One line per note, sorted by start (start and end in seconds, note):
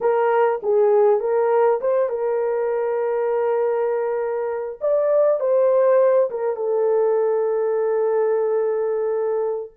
0.00 0.60 A#4
0.62 1.20 G#4
1.20 1.80 A#4
1.80 2.09 C5
2.09 4.79 A#4
4.81 5.40 D5
5.40 6.30 C5
6.30 6.56 A#4
6.56 9.71 A4